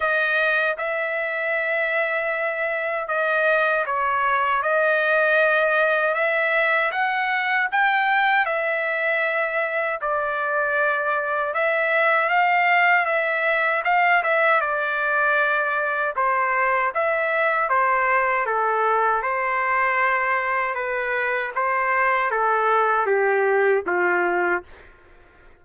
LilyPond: \new Staff \with { instrumentName = "trumpet" } { \time 4/4 \tempo 4 = 78 dis''4 e''2. | dis''4 cis''4 dis''2 | e''4 fis''4 g''4 e''4~ | e''4 d''2 e''4 |
f''4 e''4 f''8 e''8 d''4~ | d''4 c''4 e''4 c''4 | a'4 c''2 b'4 | c''4 a'4 g'4 f'4 | }